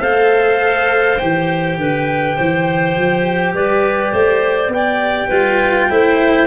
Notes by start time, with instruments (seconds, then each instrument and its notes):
0.00 tuba A3, cello A4, clarinet C5, trumpet F5
1.18 tuba E3, cello G4, trumpet G5
1.77 tuba D3, clarinet B4
2.36 tuba E3, clarinet C5
2.96 tuba F3
3.53 tuba G3, clarinet B4, trumpet D5
4.12 tuba A3, clarinet C5
4.68 tuba B3, trumpet G5
4.75 clarinet D5
5.27 tuba G3, cello F4, clarinet B4
5.90 tuba A3, cello E4, clarinet C5